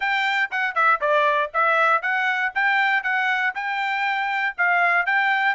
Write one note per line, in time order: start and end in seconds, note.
0.00 0.50 G5
0.51 0.74 F#5
0.74 0.99 E5
1.00 1.51 D5
1.53 2.02 E5
2.02 2.52 F#5
2.54 3.03 G5
3.03 3.53 F#5
3.54 4.55 G5
4.57 5.06 F5
5.06 5.55 G5